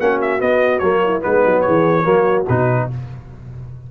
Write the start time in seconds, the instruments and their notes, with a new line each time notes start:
0.00 tuba A#3, trombone C#4, horn F#4, trumpet F#5
0.21 trumpet E5
0.39 trombone B3, tuba B3, trumpet D#5
0.79 tuba F#3, trombone A#3, trumpet C#5
1.04 horn E4
1.21 tuba G#3, trombone B3, horn D#4, trumpet B4
1.45 tuba F#3
1.61 tuba E3, horn G#4, trumpet C#5
2.04 tuba F#3, trombone A#3, horn F#4
2.48 tuba B2, trombone D#4, trumpet B4